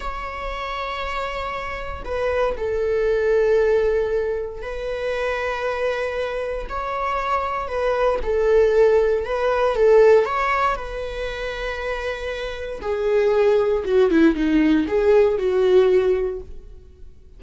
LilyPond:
\new Staff \with { instrumentName = "viola" } { \time 4/4 \tempo 4 = 117 cis''1 | b'4 a'2.~ | a'4 b'2.~ | b'4 cis''2 b'4 |
a'2 b'4 a'4 | cis''4 b'2.~ | b'4 gis'2 fis'8 e'8 | dis'4 gis'4 fis'2 | }